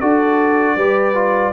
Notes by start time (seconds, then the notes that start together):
0.00 D4 F#4 A4 D5
0.75 G3 G4 B4
1.14 F4